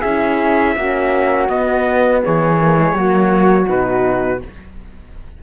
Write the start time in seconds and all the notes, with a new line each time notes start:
0.00 C#4 E4 G#4 E5
0.76 A#3 C#4 F#4
1.49 B3 D#5
2.23 E3 G#4 C#5
2.59 A#3
2.77 G#3
2.93 F#3 A#3 F#4
3.65 B2 D#4 B4